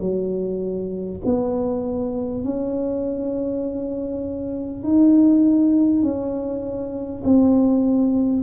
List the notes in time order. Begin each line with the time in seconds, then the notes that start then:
0.00 F#3
1.25 B3
2.44 C#4
4.83 D#4
6.02 C#4
7.24 C4